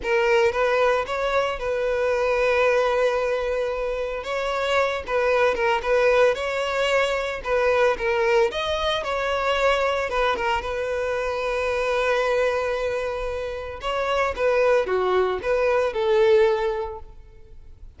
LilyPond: \new Staff \with { instrumentName = "violin" } { \time 4/4 \tempo 4 = 113 ais'4 b'4 cis''4 b'4~ | b'1 | cis''4. b'4 ais'8 b'4 | cis''2 b'4 ais'4 |
dis''4 cis''2 b'8 ais'8 | b'1~ | b'2 cis''4 b'4 | fis'4 b'4 a'2 | }